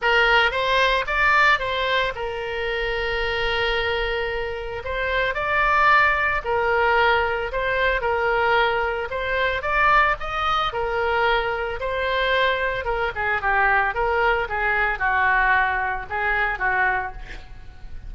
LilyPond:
\new Staff \with { instrumentName = "oboe" } { \time 4/4 \tempo 4 = 112 ais'4 c''4 d''4 c''4 | ais'1~ | ais'4 c''4 d''2 | ais'2 c''4 ais'4~ |
ais'4 c''4 d''4 dis''4 | ais'2 c''2 | ais'8 gis'8 g'4 ais'4 gis'4 | fis'2 gis'4 fis'4 | }